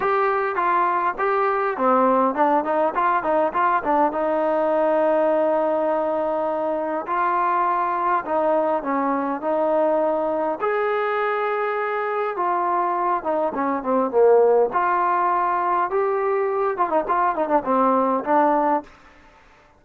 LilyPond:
\new Staff \with { instrumentName = "trombone" } { \time 4/4 \tempo 4 = 102 g'4 f'4 g'4 c'4 | d'8 dis'8 f'8 dis'8 f'8 d'8 dis'4~ | dis'1 | f'2 dis'4 cis'4 |
dis'2 gis'2~ | gis'4 f'4. dis'8 cis'8 c'8 | ais4 f'2 g'4~ | g'8 f'16 dis'16 f'8 dis'16 d'16 c'4 d'4 | }